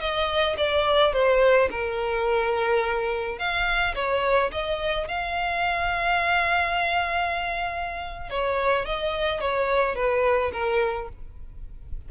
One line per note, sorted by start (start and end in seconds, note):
0.00 0.56 D#5
0.57 1.13 D5
1.13 1.69 C5
1.71 3.38 A#4
3.38 3.95 F5
3.95 4.51 C#5
4.52 5.08 D#5
5.08 8.30 F5
8.30 8.85 C#5
8.85 9.41 D#5
9.41 9.95 C#5
9.95 10.51 B4
10.52 11.08 A#4